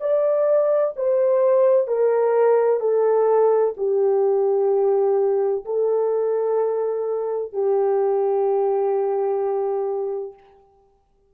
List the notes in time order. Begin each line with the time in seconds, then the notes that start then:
0.00 D5
0.96 C5
1.87 A#4
2.80 A4
3.77 G4
5.65 A4
7.53 G4